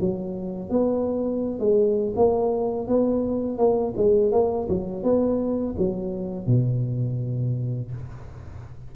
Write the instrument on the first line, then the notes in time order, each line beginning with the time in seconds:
tuba
0.00 F#3
0.70 B3
1.59 G#3
2.16 A#3
2.87 B3
3.58 A#3
3.97 G#3
4.31 A#3
4.69 F#3
5.03 B3
5.78 F#3
6.47 B2